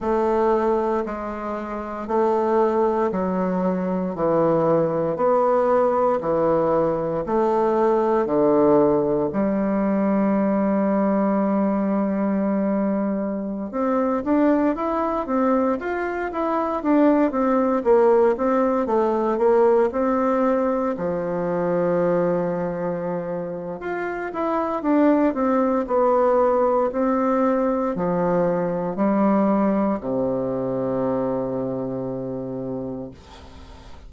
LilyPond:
\new Staff \with { instrumentName = "bassoon" } { \time 4/4 \tempo 4 = 58 a4 gis4 a4 fis4 | e4 b4 e4 a4 | d4 g2.~ | g4~ g16 c'8 d'8 e'8 c'8 f'8 e'16~ |
e'16 d'8 c'8 ais8 c'8 a8 ais8 c'8.~ | c'16 f2~ f8. f'8 e'8 | d'8 c'8 b4 c'4 f4 | g4 c2. | }